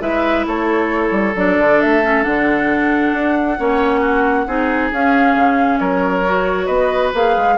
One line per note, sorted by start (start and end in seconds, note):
0.00 0.45 G#3
0.00 1.33 E4
0.00 0.46 B4
0.00 0.45 E5
0.46 1.11 A3
0.46 3.59 A4
0.46 1.36 C#5
1.11 1.33 G3
1.35 1.57 F#3
1.35 2.03 D4
1.35 1.81 D5
1.59 1.81 D3
1.81 2.25 A3
1.81 2.23 E5
2.03 2.23 C#4
2.23 3.13 D3
2.23 3.56 D4
2.23 4.89 F#5
3.13 3.57 D4
3.58 4.46 A#3
3.58 4.47 C#4
3.58 4.00 C#5
4.00 4.45 F#4
4.46 4.91 C4
4.46 4.91 D#4
4.46 5.79 G#4
4.91 5.35 C#4
4.91 6.25 C#4
4.91 5.79 F5
5.35 5.79 C#3
5.79 6.68 F#3
5.79 6.66 A#4
5.79 6.66 C#5
6.25 7.13 F#4
6.66 7.12 B3
6.66 7.55 B4
6.66 7.11 D#5
7.14 7.36 A#3
7.14 7.57 G#4
7.14 7.57 F5
7.37 7.57 G#3